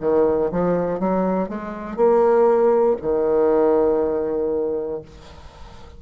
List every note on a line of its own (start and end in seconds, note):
0.00 0.50 D#3
0.51 1.00 F3
1.00 1.48 F#3
1.48 1.96 G#3
1.96 2.96 A#3
3.01 5.01 D#3